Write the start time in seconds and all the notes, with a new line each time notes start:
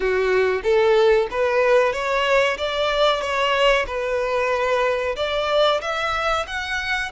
0.00 F#4
0.63 A4
1.30 B4
1.92 C#5
2.57 D5
3.21 C#5
3.86 B4
5.16 D5
5.81 E5
6.47 F#5